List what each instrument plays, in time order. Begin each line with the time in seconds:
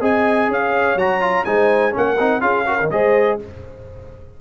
0.00 tuba C4, trombone G#4, horn D#5, trumpet G#5
0.48 tuba C#4, horn C#5, trumpet F5
0.95 tuba F#3, trombone F#4, trumpet A#5
1.20 trombone F4
1.44 tuba G#3, trombone D#4, horn C5, trumpet G#5
1.91 tuba A#3, trombone C#4, horn A#4, trumpet F#5
2.19 tuba C4, trombone D#4
2.41 tuba C#4, trombone F4, horn G#4, trumpet F5
2.66 trombone F#4, horn A#4
2.80 trombone D#3
2.90 tuba G#3, trombone G#4, horn C5, trumpet D#5